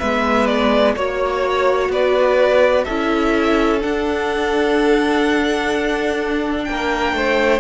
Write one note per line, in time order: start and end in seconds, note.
0.00 0.96 G#3
0.00 0.96 B3
0.00 0.95 B4
0.00 0.47 E5
0.47 0.94 D5
0.96 1.89 A#3
0.96 2.87 F#4
0.96 1.91 C#5
0.96 1.92 C#5
1.89 2.85 B3
1.89 2.85 B4
1.89 2.84 D5
2.84 3.84 C#4
2.84 3.80 E4
2.84 6.66 A4
2.84 3.80 E5
3.80 7.61 D4
3.80 6.69 D4
3.80 6.64 F#5
6.64 7.13 A#3
6.64 7.60 G5
6.71 7.16 A#4
7.13 7.60 A3
7.13 7.61 C5